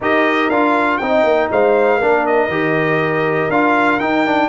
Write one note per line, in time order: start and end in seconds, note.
0.01 0.50 D#4
0.01 0.51 G4
0.01 1.01 A#4
0.01 0.50 D#5
0.50 1.00 D4
0.50 1.01 F4
0.50 0.97 F5
0.97 1.23 C4
0.97 2.01 D#4
0.97 1.52 D#5
0.97 1.47 G5
1.23 1.48 A#3
1.51 2.01 G#3
1.51 1.97 C5
1.51 2.26 F5
1.97 2.48 A#3
1.97 2.50 D4
1.97 4.47 A#4
2.26 3.51 D#5
2.48 3.48 D#3
2.48 3.50 G4
3.49 3.99 D4
3.49 4.00 F4
3.49 3.99 F5
3.99 4.48 D#4
3.99 4.25 D#4
3.99 4.48 G5
4.25 4.48 D4